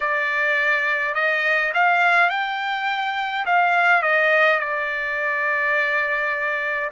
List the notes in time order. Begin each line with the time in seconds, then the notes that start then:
0.00 D5
1.14 D#5
1.74 F5
2.29 G5
3.45 F5
4.02 D#5
4.59 D5